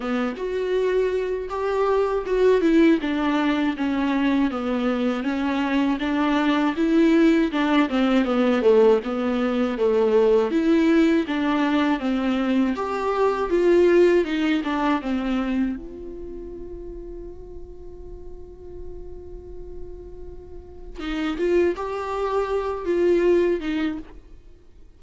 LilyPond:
\new Staff \with { instrumentName = "viola" } { \time 4/4 \tempo 4 = 80 b8 fis'4. g'4 fis'8 e'8 | d'4 cis'4 b4 cis'4 | d'4 e'4 d'8 c'8 b8 a8 | b4 a4 e'4 d'4 |
c'4 g'4 f'4 dis'8 d'8 | c'4 f'2.~ | f'1 | dis'8 f'8 g'4. f'4 dis'8 | }